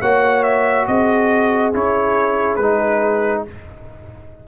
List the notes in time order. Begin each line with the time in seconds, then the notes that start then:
0.00 A#3 F#4 C#5 F#5
0.42 E5
0.87 C4 G#4 D#5
1.72 C#4 E4 C#5
2.56 G#3 D#4 B4